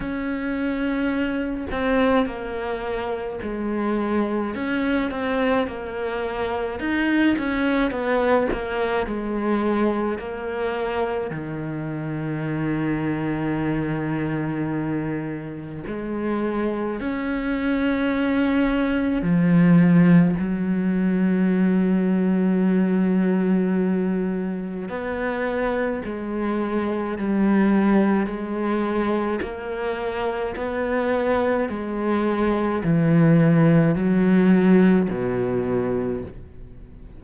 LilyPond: \new Staff \with { instrumentName = "cello" } { \time 4/4 \tempo 4 = 53 cis'4. c'8 ais4 gis4 | cis'8 c'8 ais4 dis'8 cis'8 b8 ais8 | gis4 ais4 dis2~ | dis2 gis4 cis'4~ |
cis'4 f4 fis2~ | fis2 b4 gis4 | g4 gis4 ais4 b4 | gis4 e4 fis4 b,4 | }